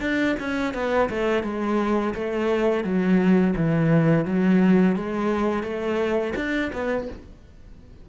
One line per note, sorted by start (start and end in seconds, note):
0.00 0.35 D4
0.39 0.73 C#4
0.73 1.09 B3
1.09 1.43 A3
1.43 2.13 G#3
2.14 2.84 A3
2.84 3.54 F#3
3.56 4.25 E3
4.25 4.95 F#3
4.96 5.63 G#3
5.63 6.33 A3
6.35 6.71 D4
6.73 7.08 B3